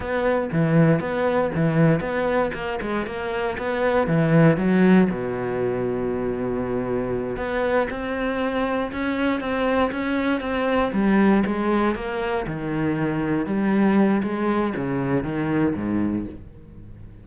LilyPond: \new Staff \with { instrumentName = "cello" } { \time 4/4 \tempo 4 = 118 b4 e4 b4 e4 | b4 ais8 gis8 ais4 b4 | e4 fis4 b,2~ | b,2~ b,8 b4 c'8~ |
c'4. cis'4 c'4 cis'8~ | cis'8 c'4 g4 gis4 ais8~ | ais8 dis2 g4. | gis4 cis4 dis4 gis,4 | }